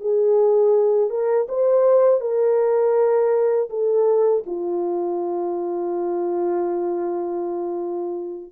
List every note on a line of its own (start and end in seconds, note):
0.00 1.09 G#4
1.09 1.46 A#4
1.48 2.21 C5
2.21 3.69 A#4
3.70 4.44 A4
4.46 8.52 F4